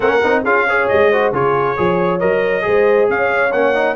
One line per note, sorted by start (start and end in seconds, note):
0.00 0.20 A#3
0.00 0.20 C#4
0.00 0.44 A#4
0.00 0.43 F#5
0.23 0.44 C4
0.23 0.45 D#4
0.44 0.88 C#4
0.44 0.67 F4
0.44 0.66 G#4
0.44 0.88 F5
0.67 1.12 G#4
0.67 1.10 C#5
0.88 1.31 G#3
0.88 1.32 D#5
1.10 1.33 F#4
1.10 1.32 C5
1.31 1.76 C#3
1.31 1.76 F4
1.31 1.76 G#4
1.31 2.19 C#5
1.76 2.22 F3
1.76 2.20 G#4
1.76 2.64 C#5
2.19 2.66 F#3
2.19 2.61 A#4
2.19 3.08 D#5
2.61 3.09 G#3
2.61 3.49 G#4
2.61 3.09 C5
3.09 3.53 C#4
3.09 3.95 C#5
3.09 3.52 F5
3.52 3.95 A#3
3.52 3.74 C#4
3.52 3.95 F#5
3.74 3.95 D#4